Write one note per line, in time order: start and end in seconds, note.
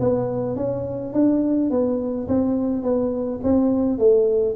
0.00 0.56 B3
0.56 1.13 C#4
1.13 1.70 D4
1.70 2.28 B3
2.28 2.83 C4
2.83 3.40 B3
3.43 3.98 C4
3.98 4.55 A3